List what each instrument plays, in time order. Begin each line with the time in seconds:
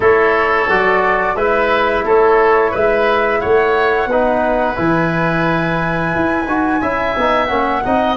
0.00 tuba A3, trombone E4, oboe A4, flute C#5
0.68 tuba F#3, trombone F#4, flute D5
1.35 tuba G#3, trombone E4, oboe B4, flute E5
2.04 tuba A3, oboe A4, flute C#5
2.71 tuba G#3, oboe B4, flute E5
3.40 tuba A3, oboe C#5, flute F#5
4.06 tuba B3, trombone D#4, oboe B4
4.75 tuba E3, trombone E4, flute G#5
6.15 tuba E4
6.46 tuba D#4, trombone F#4
6.81 tuba C#4, trombone E4, oboe E5
7.17 tuba B3, trombone D#4
7.45 tuba A#3, trombone C#4, flute F#5
7.82 tuba C4, trombone D#4, oboe D#5